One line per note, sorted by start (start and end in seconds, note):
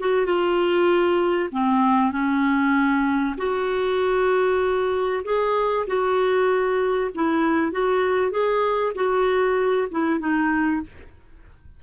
0.00 0.26 F#4
0.26 1.49 F4
1.52 2.12 C4
2.12 3.35 C#4
3.37 5.23 F#4
5.24 5.86 G#4
5.87 7.11 F#4
7.14 7.72 E4
7.72 8.31 F#4
8.31 8.93 G#4
8.95 9.88 F#4
9.91 10.20 E4
10.20 10.82 D#4